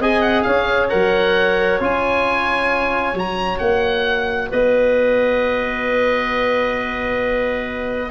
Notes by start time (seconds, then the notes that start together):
0.00 C4 G#4 D#5 G#5
0.21 F#5
0.42 C#4 C#5 F5
0.90 F#3 A#4 F#5
1.81 C#4 F4 G#5
3.14 F#3 F#4 A#5
3.59 A#3 F#5
4.50 B3 B4 D#5